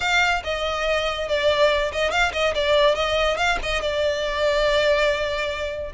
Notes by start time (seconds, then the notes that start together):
0.00 F5
0.44 D#5
1.28 D5
1.92 D#5
2.11 F5
2.32 D#5
2.55 D5
2.95 D#5
3.37 F5
3.63 D#5
3.81 D5